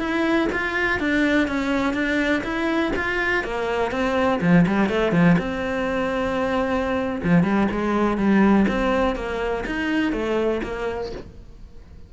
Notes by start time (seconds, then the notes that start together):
0.00 E4
0.53 F4
1.00 D4
1.48 C#4
1.94 D4
2.44 E4
2.96 F4
3.44 A#3
3.92 C4
4.42 F3
4.67 G3
4.89 A3
5.12 F3
5.39 C4
7.24 F3
7.44 G3
7.72 G#3
8.18 G3
8.69 C4
9.16 A#3
9.67 D#4
10.13 A3
10.63 A#3